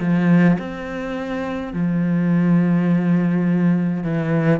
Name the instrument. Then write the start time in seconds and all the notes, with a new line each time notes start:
cello
0.00 F3
0.59 C4
1.74 F3
4.03 E3